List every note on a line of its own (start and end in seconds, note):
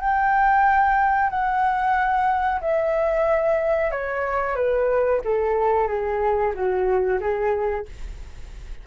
0.00 1.29 G5
1.29 2.60 F#5
2.60 3.91 E5
3.91 4.55 C#5
4.55 5.20 B4
5.24 5.87 A4
5.87 6.52 G#4
6.54 7.19 F#4
7.20 7.85 G#4